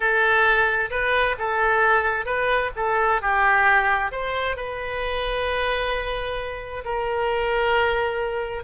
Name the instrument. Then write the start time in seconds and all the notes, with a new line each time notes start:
oboe
0.00 A4
0.90 B4
1.38 A4
2.25 B4
2.76 A4
3.21 G4
4.11 C5
4.56 B4
6.85 A#4